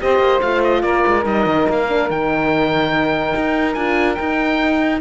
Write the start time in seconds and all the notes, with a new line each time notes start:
0.00 C4 G4 C5 D#5
0.19 A#3
0.41 A3 F4 F5
0.64 D#5
0.82 A#3 A#4 D5
1.07 G#3
1.23 G3 D#4 D#5
1.45 D#3
1.69 A#3 F5
1.88 D4
2.09 D#3 D#4 G5
3.35 D#4
3.73 D4 F4 G#5
4.14 D#4 G5